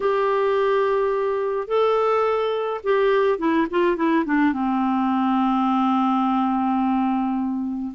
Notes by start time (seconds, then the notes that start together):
0.00 G4
1.67 A4
2.83 G4
3.38 E4
3.70 F4
3.96 E4
4.25 D4
4.53 C4